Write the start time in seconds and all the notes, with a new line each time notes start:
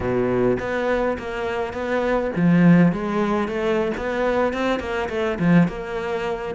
0.00 B2
0.59 B3
1.18 A#3
1.73 B3
2.36 F3
2.92 G#3
3.47 A3
3.97 B3
4.53 C4
4.79 A#3
5.09 A3
5.39 F3
5.68 A#3